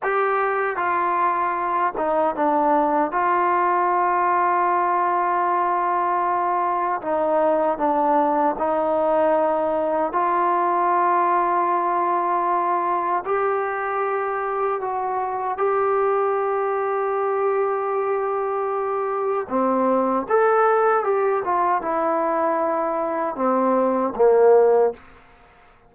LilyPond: \new Staff \with { instrumentName = "trombone" } { \time 4/4 \tempo 4 = 77 g'4 f'4. dis'8 d'4 | f'1~ | f'4 dis'4 d'4 dis'4~ | dis'4 f'2.~ |
f'4 g'2 fis'4 | g'1~ | g'4 c'4 a'4 g'8 f'8 | e'2 c'4 ais4 | }